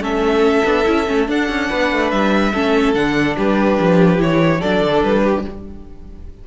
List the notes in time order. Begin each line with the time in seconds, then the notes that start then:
0.00 A3 C#4 A4 E5
0.64 B3 D4
0.84 C#4 E4
1.07 A3 C#4
1.27 D4 F#5
1.49 C#4
1.69 B3 B4
1.92 A3
2.10 G3 E5
2.52 A3 C#4 A4
2.94 D3 D4 F#5
3.37 G3 G4 B4
3.79 F3
4.18 E3 E4 C#5
4.60 F#3 D4 A4 D5
4.81 D3
5.03 G3 B4
5.22 G4